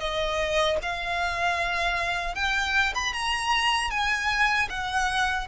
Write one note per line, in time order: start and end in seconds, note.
0.00 0.78 D#5
0.83 2.36 F5
2.36 2.94 G5
2.95 3.13 B5
3.13 3.91 A#5
3.91 4.69 G#5
4.70 5.48 F#5